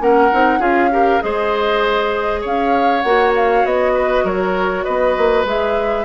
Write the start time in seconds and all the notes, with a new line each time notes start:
0.00 A#3 C#4 A#4 F#5
0.31 C4 D#4
0.59 C#4 F4 G#4 F5
0.91 G4 A#4
1.20 G#3 G#4 C5 D#5
2.41 C#4 C#5 F5
3.01 A#3 F#4 F#5
3.35 F5
3.64 B3 D#5
3.93 B4
4.23 F#3 A#4 C#5
4.83 B3 B4 D#5
5.17 A#3
5.44 G#3 G#4 E5